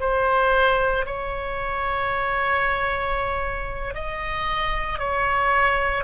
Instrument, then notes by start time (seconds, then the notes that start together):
oboe
0.00 C5
1.06 C#5
3.95 D#5
4.99 C#5